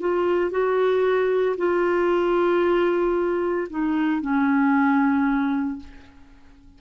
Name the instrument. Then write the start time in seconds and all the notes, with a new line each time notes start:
clarinet
0.00 F4
0.51 F#4
1.57 F4
3.70 D#4
4.21 C#4